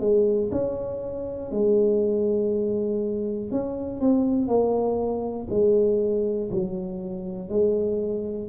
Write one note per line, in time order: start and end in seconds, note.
0.00 0.50 G#3
0.52 1.51 C#4
1.51 3.51 G#3
3.51 4.00 C#4
4.00 4.48 C4
4.48 5.48 A#3
5.50 6.50 G#3
6.51 7.49 F#3
7.49 8.49 G#3